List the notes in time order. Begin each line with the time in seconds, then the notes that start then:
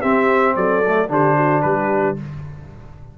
0.00 C4 G4 E5
0.54 F#3 A4 D5
0.87 A3
1.08 D3 D4 G4 C5
1.35 F#4
1.61 G3 G4 B4